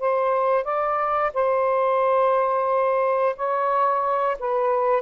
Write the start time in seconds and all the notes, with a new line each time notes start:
0.00 C5
0.65 D5
1.34 C5
3.36 C#5
4.40 B4